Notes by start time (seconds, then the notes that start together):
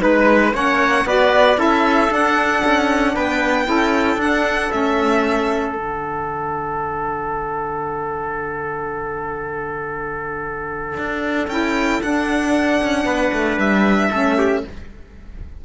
0.00 G#3 D#4 B4
0.54 A#3 C#4 C#5 F#5
1.05 B3 F#4 B4 D5
1.56 C#4 E4 A4
1.62 E5
2.09 D4 F#5
2.65 C#4
3.15 B3 B4 G5
3.65 C#4 E4 A4
4.17 D4 F#5
4.72 A3 C#4 E5
5.76 D3 D4 F#5
10.98 D4
11.48 C#4 E4 G5
12.02 D4 F#5
12.82 C#4
13.05 B3 B4
13.33 A3
13.58 G3 E5
14.12 A3 C#4 A4
14.38 G4